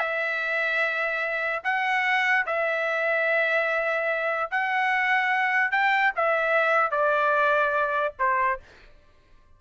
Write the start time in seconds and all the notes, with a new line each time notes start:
0.00 E5
1.64 F#5
2.47 E5
4.52 F#5
5.72 G5
6.16 E5
6.92 D5
8.20 C5